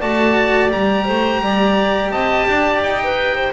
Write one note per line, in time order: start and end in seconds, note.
0.00 0.73 A3
0.00 0.70 F#4
0.00 1.06 D5
0.00 0.72 A5
0.70 1.09 G3
0.70 3.52 G4
0.70 2.12 A#5
1.06 1.41 A3
1.06 1.41 C5
1.41 2.11 G3
1.41 2.12 D5
2.11 2.47 C4
2.11 2.47 D#5
2.11 2.82 A5
2.48 2.82 D4
2.48 3.02 D5
2.82 3.53 D#4
2.82 3.53 G5
3.04 3.36 B4
3.36 3.53 C5